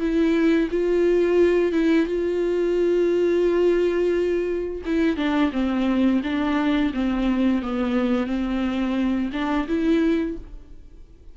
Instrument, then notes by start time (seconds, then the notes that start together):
viola
0.00 E4
0.71 F4
1.72 E4
2.06 F4
4.86 E4
5.17 D4
5.52 C4
6.24 D4
6.94 C4
7.62 B3
8.27 C4
9.33 D4
9.68 E4